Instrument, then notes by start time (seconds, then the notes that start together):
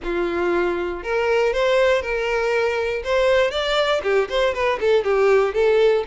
violin
0.03 F4
1.03 A#4
1.53 C5
2.02 A#4
3.03 C5
3.50 D5
4.03 G4
4.29 C5
4.54 B4
4.80 A4
5.04 G4
5.53 A4